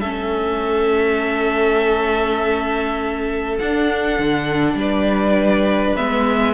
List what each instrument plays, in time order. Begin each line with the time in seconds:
0.00 cello A3, viola C#4, violin A4 E5
3.59 viola D4, cello D4, violin F#5
4.18 cello D3
4.74 cello G3, violin B4
4.80 violin D5
5.96 cello G#3, viola B3, violin E5